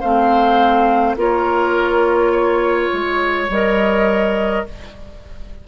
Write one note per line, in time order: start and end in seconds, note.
0.00 1.16 A3
0.00 1.17 C4
0.00 1.15 C5
0.00 1.16 F5
1.16 2.89 A#3
1.16 3.48 F4
1.16 2.31 A#4
1.16 3.51 C#5
2.31 4.62 C#5
2.93 3.49 G#3
3.49 4.64 G3
3.49 4.68 A#4
3.49 4.66 D#5